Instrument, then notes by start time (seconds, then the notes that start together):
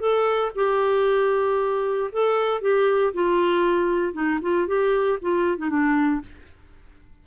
clarinet
0.00 A4
0.55 G4
2.12 A4
2.62 G4
3.14 F4
4.13 D#4
4.42 F4
4.67 G4
5.21 F4
5.58 D#4
5.70 D4